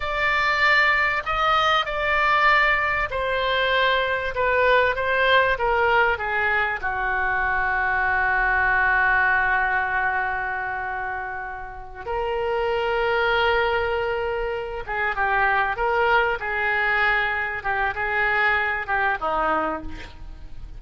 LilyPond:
\new Staff \with { instrumentName = "oboe" } { \time 4/4 \tempo 4 = 97 d''2 dis''4 d''4~ | d''4 c''2 b'4 | c''4 ais'4 gis'4 fis'4~ | fis'1~ |
fis'2.~ fis'8 ais'8~ | ais'1 | gis'8 g'4 ais'4 gis'4.~ | gis'8 g'8 gis'4. g'8 dis'4 | }